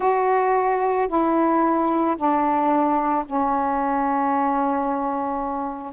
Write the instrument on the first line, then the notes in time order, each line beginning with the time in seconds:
saxophone
0.00 F#4
1.08 E4
2.16 D4
3.25 C#4